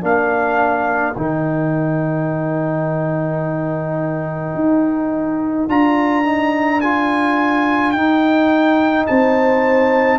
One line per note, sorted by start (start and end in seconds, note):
0.00 1.15 A#3
0.00 1.14 D4
0.00 9.06 A#4
0.00 1.16 F5
1.16 4.54 D#3
1.16 5.69 D#4
1.16 5.69 G5
4.54 5.67 D#4
5.68 7.93 D4
5.68 6.24 F4
5.68 6.81 A#5
6.24 6.81 D#4
6.81 7.95 F4
6.81 7.91 G#5
7.91 9.06 D#4
7.91 10.18 D#4
7.91 9.04 G5
9.06 10.18 C4
9.06 10.18 C5
9.06 10.18 A5